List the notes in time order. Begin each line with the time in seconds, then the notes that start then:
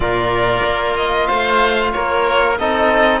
0.00 A#2 F4 A#4 D5
0.64 A#3
0.96 D#5
1.27 A3 C5 F5
1.92 A#3 A#4 C#5
2.58 C4 D#4 A4 D#5